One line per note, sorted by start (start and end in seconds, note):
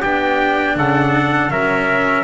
0.00 0.75 B3
0.00 1.49 D4
0.00 0.74 G4
0.00 0.76 G5
0.75 1.50 C#3
0.75 1.51 A4
0.75 1.50 F#5
1.49 2.23 F#3
1.49 2.23 C#4
1.49 2.23 A#4
1.49 2.23 E5